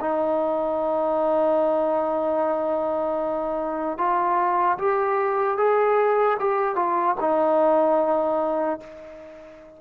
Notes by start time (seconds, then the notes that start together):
0.00 D#4
3.97 F4
4.78 G4
5.57 G#4
6.39 G4
6.75 F4
7.20 D#4